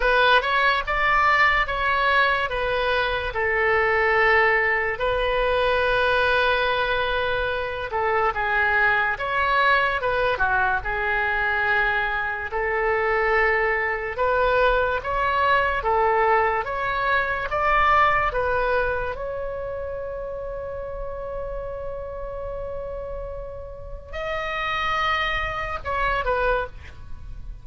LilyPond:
\new Staff \with { instrumentName = "oboe" } { \time 4/4 \tempo 4 = 72 b'8 cis''8 d''4 cis''4 b'4 | a'2 b'2~ | b'4. a'8 gis'4 cis''4 | b'8 fis'8 gis'2 a'4~ |
a'4 b'4 cis''4 a'4 | cis''4 d''4 b'4 cis''4~ | cis''1~ | cis''4 dis''2 cis''8 b'8 | }